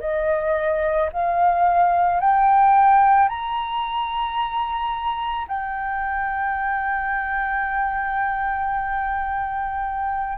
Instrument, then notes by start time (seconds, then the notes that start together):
flute
0.00 D#5
1.13 F5
2.20 G5
3.29 A#5
5.47 G5